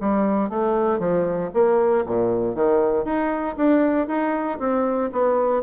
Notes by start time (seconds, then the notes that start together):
0.00 G3
0.49 A3
0.99 F3
1.53 A#3
2.06 A#2
2.55 D#3
3.04 D#4
3.56 D4
4.07 D#4
4.59 C4
5.12 B3